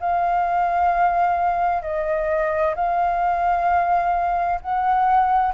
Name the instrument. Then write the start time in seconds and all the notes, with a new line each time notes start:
flute
0.00 F5
1.83 D#5
2.75 F5
4.61 F#5